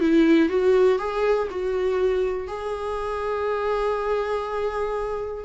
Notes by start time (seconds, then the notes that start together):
0.00 E4
0.49 F#4
0.98 G#4
1.50 F#4
2.47 G#4